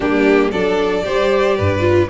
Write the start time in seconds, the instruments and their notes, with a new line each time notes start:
0.00 tuba G3, viola A#3, violin D4 G4
0.51 tuba F#3, viola D4, violin A4 D5
1.03 tuba G3, viola G4, violin C5
1.57 tuba G2, violin B4
1.80 viola F4